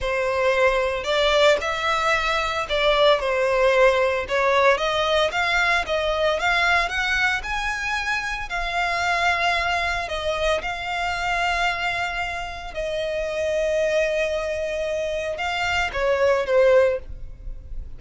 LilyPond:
\new Staff \with { instrumentName = "violin" } { \time 4/4 \tempo 4 = 113 c''2 d''4 e''4~ | e''4 d''4 c''2 | cis''4 dis''4 f''4 dis''4 | f''4 fis''4 gis''2 |
f''2. dis''4 | f''1 | dis''1~ | dis''4 f''4 cis''4 c''4 | }